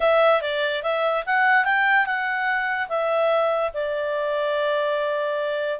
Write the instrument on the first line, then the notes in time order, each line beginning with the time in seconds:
clarinet
0.00 E5
0.41 D5
0.83 E5
1.26 F#5
1.65 G5
2.05 F#5
2.89 E5
3.73 D5